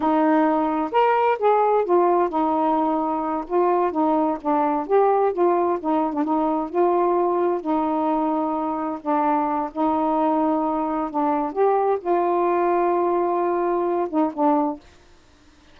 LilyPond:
\new Staff \with { instrumentName = "saxophone" } { \time 4/4 \tempo 4 = 130 dis'2 ais'4 gis'4 | f'4 dis'2~ dis'8 f'8~ | f'8 dis'4 d'4 g'4 f'8~ | f'8 dis'8. d'16 dis'4 f'4.~ |
f'8 dis'2. d'8~ | d'4 dis'2. | d'4 g'4 f'2~ | f'2~ f'8 dis'8 d'4 | }